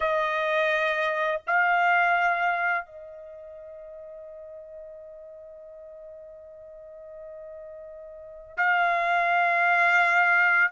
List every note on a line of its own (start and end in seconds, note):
0.00 1.41 D#5
1.46 2.85 F5
2.85 8.57 D#5
8.57 10.71 F5